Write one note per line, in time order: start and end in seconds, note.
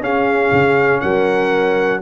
0.00 0.50 C#4
0.00 2.02 C#4
0.00 1.01 G#4
0.00 1.01 F5
0.52 1.02 C#3
1.01 2.02 F#3
1.01 2.01 A#4
1.01 2.01 F#5